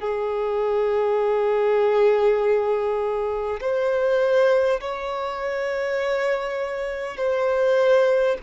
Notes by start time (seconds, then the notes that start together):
0.00 G#4
3.61 C5
4.81 C#5
7.17 C5